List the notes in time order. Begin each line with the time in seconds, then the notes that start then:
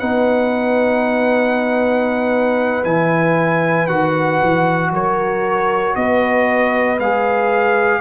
0.00 B3 D#4 B4 F#5
2.85 E3 E4 G#5
3.87 D#3 F#4 F#5
4.44 E3
4.91 F#3 A#4 C#5
5.96 B3 B4 D#5
6.99 G#3 G#4 F5